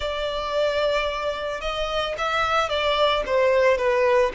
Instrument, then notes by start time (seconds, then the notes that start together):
violin
0.00 D5
1.61 D#5
2.17 E5
2.69 D5
3.26 C5
3.77 B4